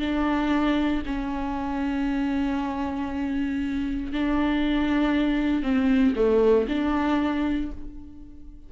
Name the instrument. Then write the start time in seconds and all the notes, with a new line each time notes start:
viola
0.00 D4
1.06 C#4
4.13 D4
5.63 C4
6.16 A3
6.69 D4